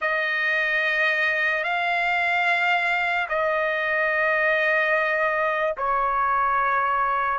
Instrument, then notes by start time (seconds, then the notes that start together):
trumpet
0.01 D#5
1.63 F5
3.28 D#5
5.77 C#5